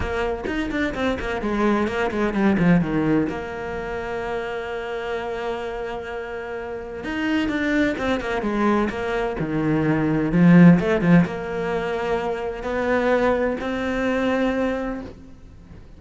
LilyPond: \new Staff \with { instrumentName = "cello" } { \time 4/4 \tempo 4 = 128 ais4 dis'8 d'8 c'8 ais8 gis4 | ais8 gis8 g8 f8 dis4 ais4~ | ais1~ | ais2. dis'4 |
d'4 c'8 ais8 gis4 ais4 | dis2 f4 a8 f8 | ais2. b4~ | b4 c'2. | }